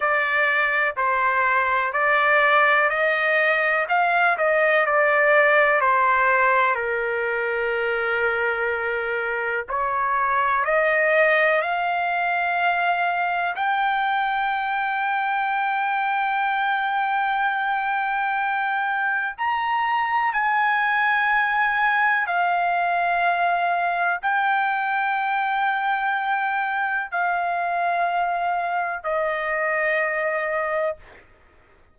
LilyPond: \new Staff \with { instrumentName = "trumpet" } { \time 4/4 \tempo 4 = 62 d''4 c''4 d''4 dis''4 | f''8 dis''8 d''4 c''4 ais'4~ | ais'2 cis''4 dis''4 | f''2 g''2~ |
g''1 | ais''4 gis''2 f''4~ | f''4 g''2. | f''2 dis''2 | }